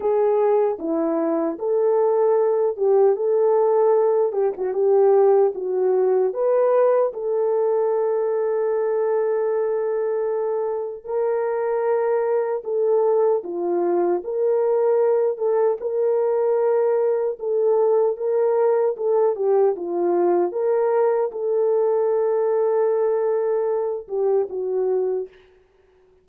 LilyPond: \new Staff \with { instrumentName = "horn" } { \time 4/4 \tempo 4 = 76 gis'4 e'4 a'4. g'8 | a'4. g'16 fis'16 g'4 fis'4 | b'4 a'2.~ | a'2 ais'2 |
a'4 f'4 ais'4. a'8 | ais'2 a'4 ais'4 | a'8 g'8 f'4 ais'4 a'4~ | a'2~ a'8 g'8 fis'4 | }